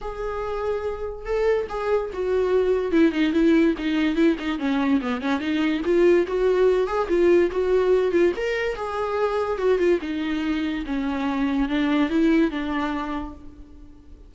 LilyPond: \new Staff \with { instrumentName = "viola" } { \time 4/4 \tempo 4 = 144 gis'2. a'4 | gis'4 fis'2 e'8 dis'8 | e'4 dis'4 e'8 dis'8 cis'4 | b8 cis'8 dis'4 f'4 fis'4~ |
fis'8 gis'8 f'4 fis'4. f'8 | ais'4 gis'2 fis'8 f'8 | dis'2 cis'2 | d'4 e'4 d'2 | }